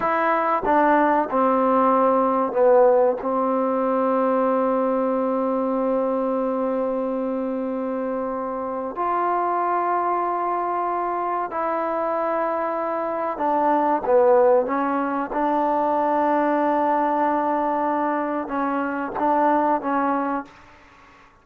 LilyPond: \new Staff \with { instrumentName = "trombone" } { \time 4/4 \tempo 4 = 94 e'4 d'4 c'2 | b4 c'2.~ | c'1~ | c'2 f'2~ |
f'2 e'2~ | e'4 d'4 b4 cis'4 | d'1~ | d'4 cis'4 d'4 cis'4 | }